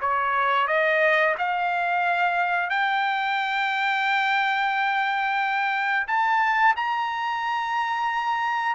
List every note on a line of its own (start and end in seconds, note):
0.00 0.67 C#5
0.67 1.35 D#5
1.38 2.70 F5
2.70 6.07 G5
6.07 6.75 A5
6.76 8.75 A#5